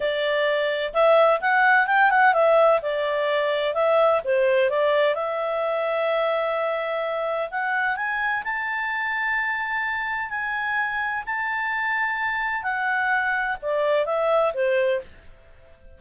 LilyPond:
\new Staff \with { instrumentName = "clarinet" } { \time 4/4 \tempo 4 = 128 d''2 e''4 fis''4 | g''8 fis''8 e''4 d''2 | e''4 c''4 d''4 e''4~ | e''1 |
fis''4 gis''4 a''2~ | a''2 gis''2 | a''2. fis''4~ | fis''4 d''4 e''4 c''4 | }